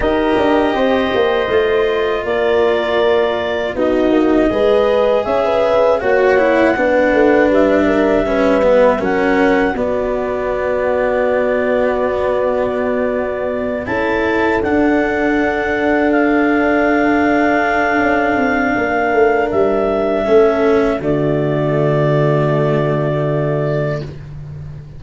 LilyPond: <<
  \new Staff \with { instrumentName = "clarinet" } { \time 4/4 \tempo 4 = 80 dis''2. d''4~ | d''4 dis''2 e''4 | fis''2 e''2 | fis''4 d''2.~ |
d''2~ d''8 a''4 fis''8~ | fis''4. f''2~ f''8~ | f''2 e''2 | d''1 | }
  \new Staff \with { instrumentName = "horn" } { \time 4/4 ais'4 c''2 ais'4~ | ais'4 fis'4 b'4 cis''16 b'8. | cis''4 b'4. ais'8 b'4 | ais'4 fis'2.~ |
fis'2~ fis'8 a'4.~ | a'1~ | a'4 ais'2 a'4 | fis'1 | }
  \new Staff \with { instrumentName = "cello" } { \time 4/4 g'2 f'2~ | f'4 dis'4 gis'2 | fis'8 e'8 d'2 cis'8 b8 | cis'4 b2.~ |
b2~ b8 e'4 d'8~ | d'1~ | d'2. cis'4 | a1 | }
  \new Staff \with { instrumentName = "tuba" } { \time 4/4 dis'8 d'8 c'8 ais8 a4 ais4~ | ais4 b8 ais8 gis4 cis'4 | ais4 b8 a8 g2 | fis4 b2.~ |
b2~ b8 cis'4 d'8~ | d'1 | cis'8 c'8 ais8 a8 g4 a4 | d1 | }
>>